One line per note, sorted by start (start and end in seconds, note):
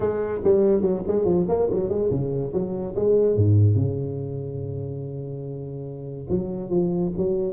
0.00 0.41 G#3
0.43 0.81 G3
0.81 1.02 F#3
1.07 1.24 G#3
1.24 1.45 F3
1.48 1.69 A#3
1.70 1.89 F#3
1.89 2.10 G#3
2.10 2.52 C#3
2.53 2.95 F#3
2.95 3.36 G#3
3.36 3.75 G#2
3.75 6.27 C#3
6.29 6.69 F#3
6.69 7.11 F3
7.16 7.53 F#3